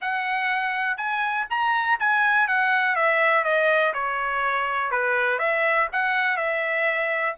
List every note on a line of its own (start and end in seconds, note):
0.01 0.97 F#5
0.97 1.46 G#5
1.50 1.99 A#5
1.99 2.47 G#5
2.47 2.95 F#5
2.95 3.44 E5
3.44 3.93 D#5
3.93 4.91 C#5
4.91 5.39 B4
5.39 5.88 E5
5.92 6.36 F#5
6.36 7.35 E5